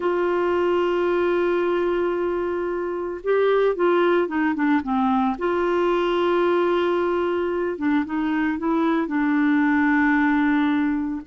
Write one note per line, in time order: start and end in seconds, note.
0.00 3.21 F4
3.23 3.75 G4
3.75 4.27 F4
4.27 4.54 D#4
4.55 4.81 D4
4.83 5.36 C4
5.38 7.78 F4
7.78 8.05 D4
8.05 8.58 D#4
8.58 9.07 E4
9.07 11.21 D4